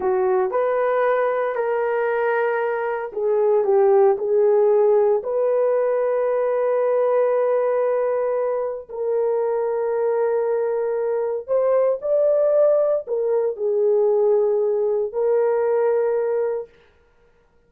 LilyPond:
\new Staff \with { instrumentName = "horn" } { \time 4/4 \tempo 4 = 115 fis'4 b'2 ais'4~ | ais'2 gis'4 g'4 | gis'2 b'2~ | b'1~ |
b'4 ais'2.~ | ais'2 c''4 d''4~ | d''4 ais'4 gis'2~ | gis'4 ais'2. | }